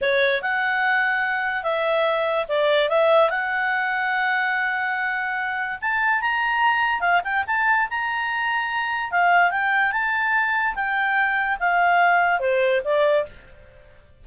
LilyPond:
\new Staff \with { instrumentName = "clarinet" } { \time 4/4 \tempo 4 = 145 cis''4 fis''2. | e''2 d''4 e''4 | fis''1~ | fis''2 a''4 ais''4~ |
ais''4 f''8 g''8 a''4 ais''4~ | ais''2 f''4 g''4 | a''2 g''2 | f''2 c''4 d''4 | }